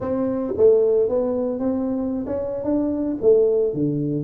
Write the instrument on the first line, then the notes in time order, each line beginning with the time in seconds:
tuba
0.00 C4
0.57 A3
1.08 B3
1.59 C4
2.26 C#4
2.64 D4
3.21 A3
3.73 D3